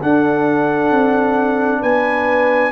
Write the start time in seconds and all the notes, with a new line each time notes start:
0.00 D4 A4 F#5
0.90 C4
1.80 B3 B4 G#5